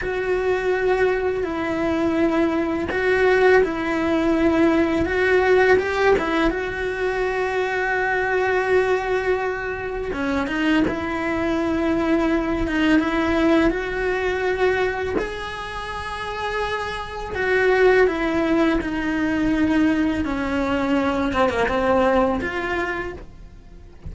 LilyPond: \new Staff \with { instrumentName = "cello" } { \time 4/4 \tempo 4 = 83 fis'2 e'2 | fis'4 e'2 fis'4 | g'8 e'8 fis'2.~ | fis'2 cis'8 dis'8 e'4~ |
e'4. dis'8 e'4 fis'4~ | fis'4 gis'2. | fis'4 e'4 dis'2 | cis'4. c'16 ais16 c'4 f'4 | }